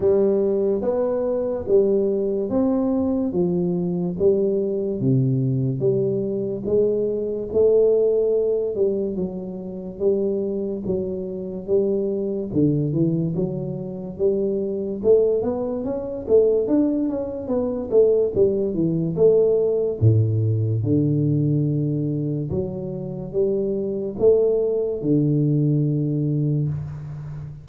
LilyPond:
\new Staff \with { instrumentName = "tuba" } { \time 4/4 \tempo 4 = 72 g4 b4 g4 c'4 | f4 g4 c4 g4 | gis4 a4. g8 fis4 | g4 fis4 g4 d8 e8 |
fis4 g4 a8 b8 cis'8 a8 | d'8 cis'8 b8 a8 g8 e8 a4 | a,4 d2 fis4 | g4 a4 d2 | }